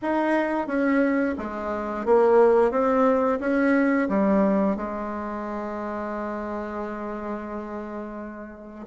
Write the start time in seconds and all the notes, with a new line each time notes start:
0.02 D#4
0.67 C#4
1.38 G#3
2.05 A#3
2.71 C4
3.40 C#4
4.08 G3
4.76 G#3